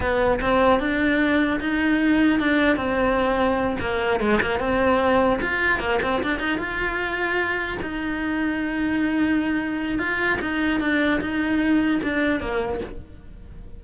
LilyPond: \new Staff \with { instrumentName = "cello" } { \time 4/4 \tempo 4 = 150 b4 c'4 d'2 | dis'2 d'4 c'4~ | c'4. ais4 gis8 ais8 c'8~ | c'4. f'4 ais8 c'8 d'8 |
dis'8 f'2. dis'8~ | dis'1~ | dis'4 f'4 dis'4 d'4 | dis'2 d'4 ais4 | }